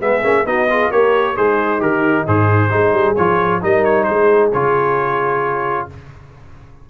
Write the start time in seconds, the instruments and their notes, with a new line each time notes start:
0.00 tuba G#3, trombone B3, horn G#4, trumpet E5
0.22 tuba A#3, trombone C#4
0.45 tuba B3, trombone D#4, horn F#4, trumpet D#5
0.70 trombone F4, horn G#4
0.90 tuba A#3, trombone G4, horn A#4, trumpet C#5
1.36 tuba G#3, horn D#4, trombone G#4, trumpet C5
1.78 tuba D#3, trombone G4, trumpet A#4
2.27 tuba G#2, trombone G#4, trumpet C5
2.70 tuba G#3, trombone D#4, horn G#4
2.93 tuba G3
3.15 tuba F3, trombone F4, trumpet C#5
3.61 tuba G3, trombone D#4, horn A#4, trumpet D#5
3.84 trumpet C#5
4.03 tuba G#3, horn G#4, trumpet C5
4.53 tuba C#3, trombone F4, trumpet C#5